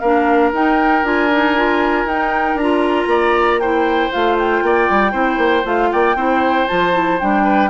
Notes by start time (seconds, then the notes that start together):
0.00 A#3 D4 A#4 F5
0.53 D#4 G5
1.03 D4 F4 G#5
1.32 D#4
1.57 F4
2.06 D#4 G5
2.55 D4 A#5
2.61 F4
3.07 A#3 D5
3.60 E4 C5 G5
4.12 A3 F4 F5
4.39 G5
4.63 A#3 D5
4.90 G3
5.12 C4 E4 C5
5.38 A#3
5.65 A3 F4 F5
5.92 A#3 D5 G5
6.16 C4 E4 C5
6.68 F3 F4 A5
6.93 E4
7.20 G3 D4 G5
7.44 B4